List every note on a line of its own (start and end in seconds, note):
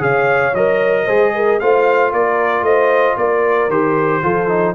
0.00 0.53 C#3
0.00 0.53 G#4
0.00 1.06 C#5
0.00 0.55 F5
0.55 1.07 F#3
0.55 1.08 A#4
0.55 1.60 D#5
1.06 1.61 G#3
1.06 1.61 G#4
1.06 1.32 C5
1.34 1.60 A#4
1.60 2.13 A3
1.60 3.70 F4
1.60 2.13 C5
1.60 2.12 F5
2.13 2.62 A#3
2.13 2.65 A#4
2.13 2.64 D5
2.62 3.14 A3
2.62 3.18 C5
2.62 3.17 D#5
3.17 3.69 A#3
3.17 4.23 A#4
3.17 3.71 D5
3.69 4.22 D#3
3.69 4.22 G4
3.69 4.75 C5
4.22 4.75 F3
4.22 4.49 F4
4.22 4.75 A4
4.49 4.75 D#4